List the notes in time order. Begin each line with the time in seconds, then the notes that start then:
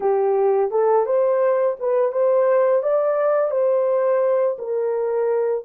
0.00 G4
0.71 A4
1.06 C5
1.79 B4
2.12 C5
2.82 D5
3.51 C5
4.58 A#4